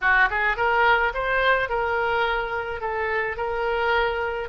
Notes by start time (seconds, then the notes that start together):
0.01 F#4
0.30 G#4
0.56 A#4
1.14 C5
1.69 A#4
2.80 A4
3.36 A#4